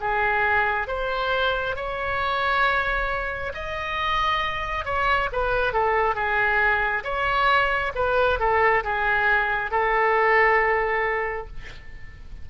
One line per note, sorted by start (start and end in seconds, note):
0.00 0.87 G#4
0.87 1.75 C5
1.76 3.52 C#5
3.54 4.85 D#5
4.85 5.29 C#5
5.32 5.73 B4
5.73 6.15 A4
6.15 7.03 G#4
7.03 7.92 C#5
7.95 8.39 B4
8.39 8.83 A4
8.84 9.71 G#4
9.71 11.47 A4